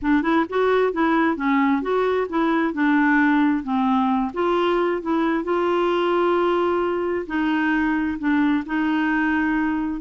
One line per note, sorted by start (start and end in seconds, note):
0.02 0.22 D4
0.22 0.45 E4
0.49 0.92 F#4
0.92 1.36 E4
1.36 1.82 C#4
1.82 2.27 F#4
2.29 2.73 E4
2.73 3.63 D4
3.63 4.31 C4
4.33 5.01 F4
5.02 5.44 E4
5.44 7.26 F4
7.26 8.17 D#4
8.18 8.64 D4
8.66 10.00 D#4